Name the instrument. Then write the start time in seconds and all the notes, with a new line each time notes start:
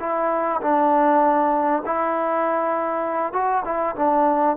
trombone
0.00 E4
0.61 D4
1.86 E4
3.33 F#4
3.64 E4
3.96 D4